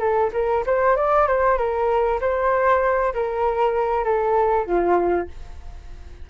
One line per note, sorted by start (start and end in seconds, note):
0.00 0.31 A4
0.33 0.64 A#4
0.66 0.96 C5
0.96 1.27 D5
1.27 1.58 C5
1.58 2.20 A#4
2.21 3.14 C5
3.14 4.04 A#4
4.04 4.66 A4
4.66 5.28 F4